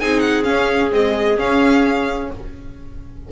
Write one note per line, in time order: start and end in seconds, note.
0.00 0.47 C4
0.00 0.44 D#4
0.00 2.31 G#4
0.00 0.20 G#5
0.20 0.43 F#5
0.44 0.90 C#4
0.44 0.92 C#4
0.44 0.90 F5
0.92 1.37 G#3
0.92 1.38 C4
0.92 1.39 D#5
1.37 2.30 C#4
1.37 2.31 C#4
1.37 2.32 F5